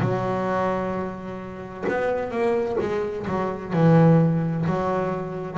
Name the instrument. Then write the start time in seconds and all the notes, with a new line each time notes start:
double bass
0.00 F#3
1.88 B3
2.31 A#3
2.80 G#3
3.27 F#3
3.73 E3
4.66 F#3